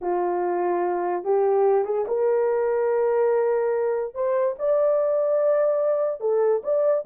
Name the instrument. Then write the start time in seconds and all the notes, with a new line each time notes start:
horn
0.01 F4
1.24 G4
1.85 G#4
2.07 A#4
4.14 C5
4.58 D5
6.20 A4
6.63 D5